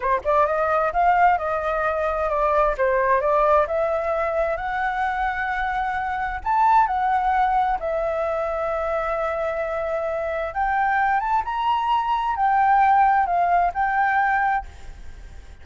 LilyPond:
\new Staff \with { instrumentName = "flute" } { \time 4/4 \tempo 4 = 131 c''8 d''8 dis''4 f''4 dis''4~ | dis''4 d''4 c''4 d''4 | e''2 fis''2~ | fis''2 a''4 fis''4~ |
fis''4 e''2.~ | e''2. g''4~ | g''8 a''8 ais''2 g''4~ | g''4 f''4 g''2 | }